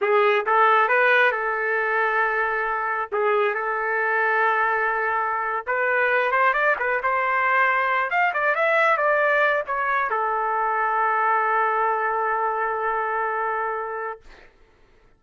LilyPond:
\new Staff \with { instrumentName = "trumpet" } { \time 4/4 \tempo 4 = 135 gis'4 a'4 b'4 a'4~ | a'2. gis'4 | a'1~ | a'8. b'4. c''8 d''8 b'8 c''16~ |
c''2~ c''16 f''8 d''8 e''8.~ | e''16 d''4. cis''4 a'4~ a'16~ | a'1~ | a'1 | }